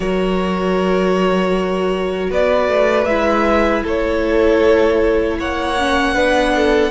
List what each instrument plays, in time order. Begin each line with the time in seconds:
0.00 cello F#3, viola F#4, violin A#4 C#5
2.29 cello B3, violin B4 D5
2.68 cello A3
3.05 cello G#3, viola E4, violin E5
3.83 cello A3, violin A4 C#5
5.39 cello A#3, violin C#5 F#5
5.77 viola C#4
6.13 cello B3, viola D4, violin B4
6.55 violin A4